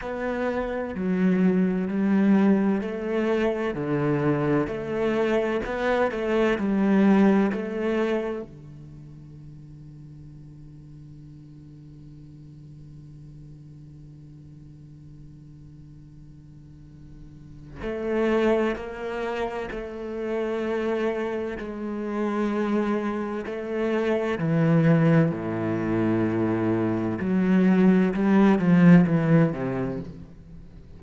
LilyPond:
\new Staff \with { instrumentName = "cello" } { \time 4/4 \tempo 4 = 64 b4 fis4 g4 a4 | d4 a4 b8 a8 g4 | a4 d2.~ | d1~ |
d2. a4 | ais4 a2 gis4~ | gis4 a4 e4 a,4~ | a,4 fis4 g8 f8 e8 c8 | }